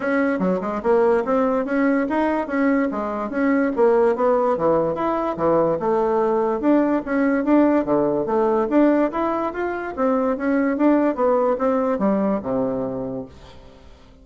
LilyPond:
\new Staff \with { instrumentName = "bassoon" } { \time 4/4 \tempo 4 = 145 cis'4 fis8 gis8 ais4 c'4 | cis'4 dis'4 cis'4 gis4 | cis'4 ais4 b4 e4 | e'4 e4 a2 |
d'4 cis'4 d'4 d4 | a4 d'4 e'4 f'4 | c'4 cis'4 d'4 b4 | c'4 g4 c2 | }